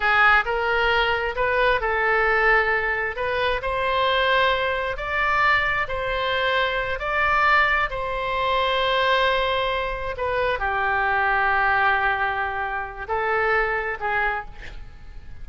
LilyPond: \new Staff \with { instrumentName = "oboe" } { \time 4/4 \tempo 4 = 133 gis'4 ais'2 b'4 | a'2. b'4 | c''2. d''4~ | d''4 c''2~ c''8 d''8~ |
d''4. c''2~ c''8~ | c''2~ c''8 b'4 g'8~ | g'1~ | g'4 a'2 gis'4 | }